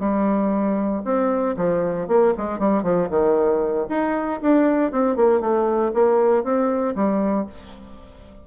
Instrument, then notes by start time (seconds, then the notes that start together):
bassoon
0.00 G3
1.05 C4
1.57 F3
2.08 A#3
2.38 G#3
2.59 G3
2.83 F3
3.10 D#3
3.90 D#4
4.42 D4
4.92 C4
5.17 A#3
5.41 A3
5.94 A#3
6.44 C4
6.96 G3